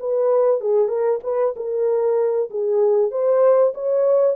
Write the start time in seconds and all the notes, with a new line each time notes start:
0.00 B4
0.61 G#4
0.88 A#4
1.23 B4
1.56 A#4
2.50 G#4
3.11 C5
3.74 C#5